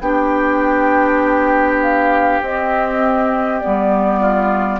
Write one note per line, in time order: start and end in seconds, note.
0.00 2.40 B3
0.00 2.42 D4
0.00 4.20 G4
0.00 1.80 G5
1.81 2.42 F5
2.41 3.61 C4
2.41 3.60 C4
2.41 3.60 D#5
3.60 4.80 B3
3.60 4.80 D5
3.66 4.80 G3
4.20 4.80 F4